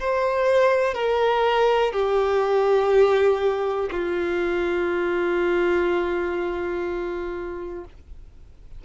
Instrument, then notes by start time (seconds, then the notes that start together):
violin
0.00 C5
0.95 A#4
1.93 G4
3.92 F4